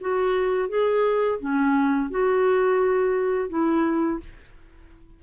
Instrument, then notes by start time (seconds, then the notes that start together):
clarinet
0.00 F#4
0.68 G#4
1.40 C#4
2.10 F#4
3.49 E4